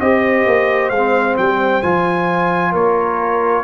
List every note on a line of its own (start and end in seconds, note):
0.00 0.45 C4
0.00 0.92 G4
0.00 2.72 C5
0.00 0.89 D#5
0.46 0.90 A#3
0.89 1.36 G#3
0.89 1.35 F5
0.96 1.83 C4
1.37 1.83 G3
1.37 1.82 G5
1.82 2.74 F3
1.82 3.63 F4
1.82 2.73 G#5
2.72 3.63 A#3
2.72 3.63 A#4
2.72 3.63 C#5